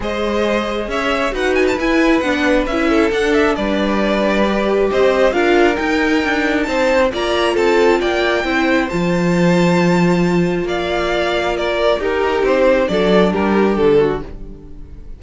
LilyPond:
<<
  \new Staff \with { instrumentName = "violin" } { \time 4/4 \tempo 4 = 135 dis''2 e''4 fis''8 gis''16 a''16 | gis''4 fis''4 e''4 fis''8 e''8 | d''2. dis''4 | f''4 g''2 a''4 |
ais''4 a''4 g''2 | a''1 | f''2 d''4 ais'4 | c''4 d''4 ais'4 a'4 | }
  \new Staff \with { instrumentName = "violin" } { \time 4/4 c''2 cis''4 b'4~ | b'2~ b'8 a'4. | b'2. c''4 | ais'2. c''4 |
d''4 a'4 d''4 c''4~ | c''1 | d''2 ais'4 g'4~ | g'4 a'4 g'4. fis'8 | }
  \new Staff \with { instrumentName = "viola" } { \time 4/4 gis'2. fis'4 | e'4 d'4 e'4 d'4~ | d'2 g'2 | f'4 dis'2. |
f'2. e'4 | f'1~ | f'2. dis'4~ | dis'4 d'2. | }
  \new Staff \with { instrumentName = "cello" } { \time 4/4 gis2 cis'4 dis'4 | e'4 b4 cis'4 d'4 | g2. c'4 | d'4 dis'4 d'4 c'4 |
ais4 c'4 ais4 c'4 | f1 | ais2. dis'4 | c'4 fis4 g4 d4 | }
>>